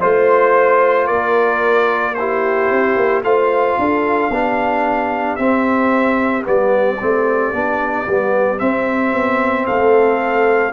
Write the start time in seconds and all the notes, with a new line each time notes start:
0.00 A3 F4 C5
1.07 A#3 A#4 D5
2.14 E4 G4 C5
2.71 C4
2.96 A#3
3.23 A3 F4 C5 F5
3.79 D4 A4
4.30 B3 D4 G4
5.36 C4 E5
6.43 G3 B3 D5
7.00 A3 C4
7.53 B3 D4
8.07 G3 B3
8.58 C4 E5
9.13 B3
9.66 A3 A4 F5